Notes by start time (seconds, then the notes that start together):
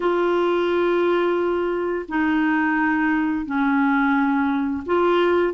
0.00 F4
2.08 D#4
3.45 C#4
4.86 F4